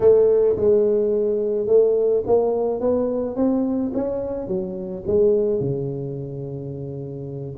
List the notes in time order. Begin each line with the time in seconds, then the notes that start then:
0.00 A3
0.56 G#3
1.67 A3
2.26 A#3
2.80 B3
3.36 C4
3.94 C#4
4.47 F#3
5.06 G#3
5.59 C#3